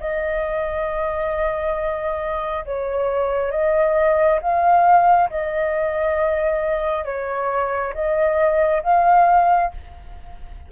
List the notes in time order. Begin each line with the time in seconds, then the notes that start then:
0.00 D#5
2.65 C#5
3.51 D#5
4.41 F5
5.30 D#5
7.05 C#5
7.94 D#5
8.83 F5